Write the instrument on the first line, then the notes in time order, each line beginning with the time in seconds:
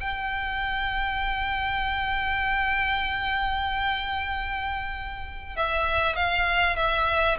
violin
0.00 G5
5.56 E5
6.16 F5
6.76 E5